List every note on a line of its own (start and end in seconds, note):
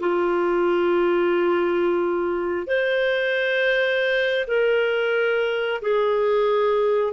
0.00 2.67 F4
2.67 4.46 C5
4.47 5.81 A#4
5.82 7.13 G#4